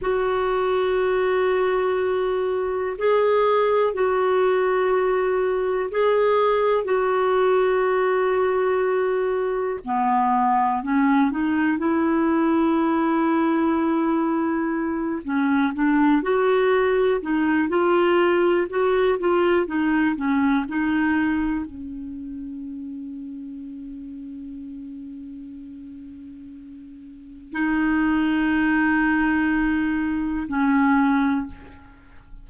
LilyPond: \new Staff \with { instrumentName = "clarinet" } { \time 4/4 \tempo 4 = 61 fis'2. gis'4 | fis'2 gis'4 fis'4~ | fis'2 b4 cis'8 dis'8 | e'2.~ e'8 cis'8 |
d'8 fis'4 dis'8 f'4 fis'8 f'8 | dis'8 cis'8 dis'4 cis'2~ | cis'1 | dis'2. cis'4 | }